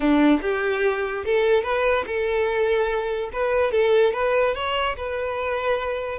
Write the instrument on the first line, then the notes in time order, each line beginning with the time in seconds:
violin
0.00 D4
0.41 G4
1.25 A4
1.63 B4
2.06 A4
3.32 B4
3.71 A4
4.13 B4
4.54 C#5
4.96 B4